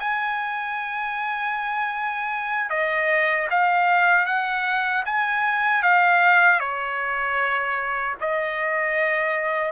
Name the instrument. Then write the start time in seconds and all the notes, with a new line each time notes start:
trumpet
0.00 G#5
2.70 D#5
3.50 F5
4.26 F#5
5.05 G#5
5.83 F5
6.60 C#5
8.21 D#5